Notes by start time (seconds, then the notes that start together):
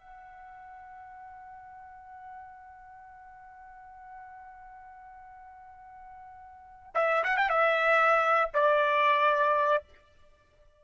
0.00 F#5
6.95 E5
7.24 F#5
7.38 G5
7.50 E5
8.54 D5